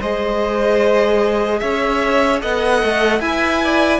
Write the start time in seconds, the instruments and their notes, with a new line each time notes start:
0.00 cello G#3, viola G#4, violin C5 D#5
1.60 cello C#4, violin C#5 E5
2.40 cello B3, viola A4, violin D#5 F#5
2.83 cello A3
3.20 cello E4, viola B4, violin E5 G#5
3.64 violin D5